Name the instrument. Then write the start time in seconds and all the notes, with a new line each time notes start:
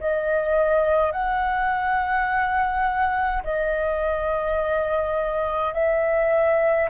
flute
0.00 D#5
1.12 F#5
3.44 D#5
5.74 E5